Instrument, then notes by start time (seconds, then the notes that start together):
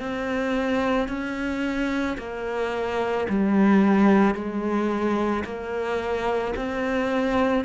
cello
0.00 C4
1.08 C#4
2.18 A#3
3.29 G3
4.34 G#3
5.44 A#3
6.56 C4